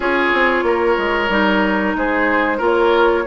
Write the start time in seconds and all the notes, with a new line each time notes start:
0.00 C#4 F4 G#4 C#5
0.33 C4
0.62 A#3 A#4
0.98 G#3
1.29 G3 D#4
1.94 G#3 G#4 C5
2.57 A#3 F4 A#4
2.64 C#5